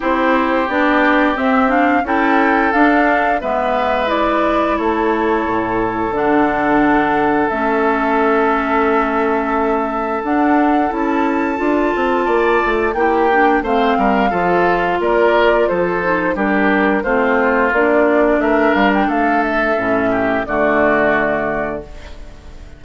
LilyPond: <<
  \new Staff \with { instrumentName = "flute" } { \time 4/4 \tempo 4 = 88 c''4 d''4 e''8 f''8 g''4 | f''4 e''4 d''4 cis''4~ | cis''4 fis''2 e''4~ | e''2. fis''4 |
a''2. g''4 | f''2 d''4 c''4 | ais'4 c''4 d''4 e''8 f''16 g''16 | f''8 e''4. d''2 | }
  \new Staff \with { instrumentName = "oboe" } { \time 4/4 g'2. a'4~ | a'4 b'2 a'4~ | a'1~ | a'1~ |
a'2 d''4 g'4 | c''8 ais'8 a'4 ais'4 a'4 | g'4 f'2 ais'4 | a'4. g'8 fis'2 | }
  \new Staff \with { instrumentName = "clarinet" } { \time 4/4 e'4 d'4 c'8 d'8 e'4 | d'4 b4 e'2~ | e'4 d'2 cis'4~ | cis'2. d'4 |
e'4 f'2 e'8 d'8 | c'4 f'2~ f'8 dis'8 | d'4 c'4 d'2~ | d'4 cis'4 a2 | }
  \new Staff \with { instrumentName = "bassoon" } { \time 4/4 c'4 b4 c'4 cis'4 | d'4 gis2 a4 | a,4 d2 a4~ | a2. d'4 |
cis'4 d'8 c'8 ais8 a8 ais4 | a8 g8 f4 ais4 f4 | g4 a4 ais4 a8 g8 | a4 a,4 d2 | }
>>